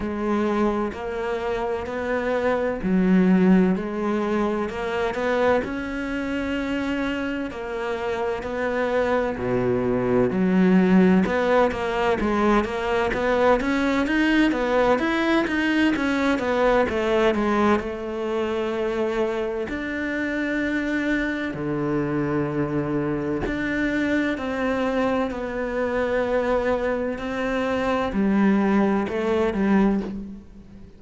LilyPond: \new Staff \with { instrumentName = "cello" } { \time 4/4 \tempo 4 = 64 gis4 ais4 b4 fis4 | gis4 ais8 b8 cis'2 | ais4 b4 b,4 fis4 | b8 ais8 gis8 ais8 b8 cis'8 dis'8 b8 |
e'8 dis'8 cis'8 b8 a8 gis8 a4~ | a4 d'2 d4~ | d4 d'4 c'4 b4~ | b4 c'4 g4 a8 g8 | }